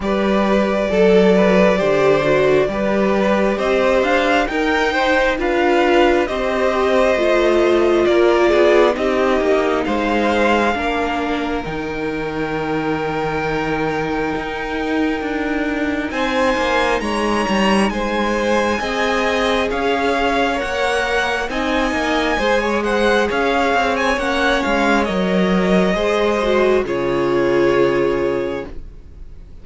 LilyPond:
<<
  \new Staff \with { instrumentName = "violin" } { \time 4/4 \tempo 4 = 67 d''1 | dis''8 f''8 g''4 f''4 dis''4~ | dis''4 d''4 dis''4 f''4~ | f''4 g''2.~ |
g''2 gis''4 ais''4 | gis''2 f''4 fis''4 | gis''4. fis''8 f''8. gis''16 fis''8 f''8 | dis''2 cis''2 | }
  \new Staff \with { instrumentName = "violin" } { \time 4/4 b'4 a'8 b'8 c''4 b'4 | c''4 ais'8 c''8 b'4 c''4~ | c''4 ais'8 gis'8 g'4 c''4 | ais'1~ |
ais'2 c''4 cis''4 | c''4 dis''4 cis''2 | dis''4 c''16 cis''16 c''8 cis''2~ | cis''4 c''4 gis'2 | }
  \new Staff \with { instrumentName = "viola" } { \time 4/4 g'4 a'4 g'8 fis'8 g'4~ | g'4 dis'4 f'4 g'4 | f'2 dis'2 | d'4 dis'2.~ |
dis'1~ | dis'4 gis'2 ais'4 | dis'4 gis'2 cis'4 | ais'4 gis'8 fis'8 f'2 | }
  \new Staff \with { instrumentName = "cello" } { \time 4/4 g4 fis4 d4 g4 | c'8 d'8 dis'4 d'4 c'4 | a4 ais8 b8 c'8 ais8 gis4 | ais4 dis2. |
dis'4 d'4 c'8 ais8 gis8 g8 | gis4 c'4 cis'4 ais4 | c'8 ais8 gis4 cis'8 c'8 ais8 gis8 | fis4 gis4 cis2 | }
>>